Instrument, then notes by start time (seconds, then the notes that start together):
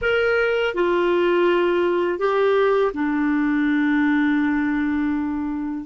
clarinet
0.01 A#4
0.74 F4
2.19 G4
2.93 D4